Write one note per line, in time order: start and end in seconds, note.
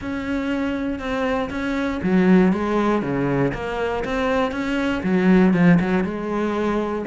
0.01 0.99 C#4
0.99 1.49 C4
1.50 2.00 C#4
2.02 2.52 F#3
2.52 3.02 G#3
3.02 3.52 C#3
3.53 4.04 A#3
4.04 4.51 C4
4.51 5.02 C#4
5.03 5.53 F#3
5.53 5.78 F3
5.80 6.04 F#3
6.04 7.05 G#3